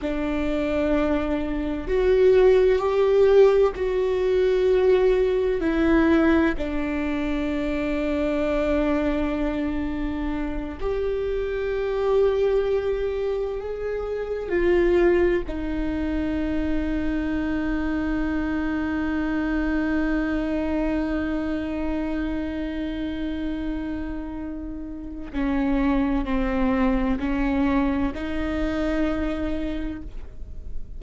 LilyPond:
\new Staff \with { instrumentName = "viola" } { \time 4/4 \tempo 4 = 64 d'2 fis'4 g'4 | fis'2 e'4 d'4~ | d'2.~ d'8 g'8~ | g'2~ g'8 gis'4 f'8~ |
f'8 dis'2.~ dis'8~ | dis'1~ | dis'2. cis'4 | c'4 cis'4 dis'2 | }